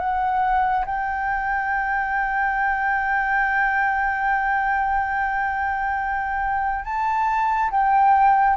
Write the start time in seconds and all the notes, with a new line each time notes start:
0.00 F#5
0.86 G5
6.85 A5
7.71 G5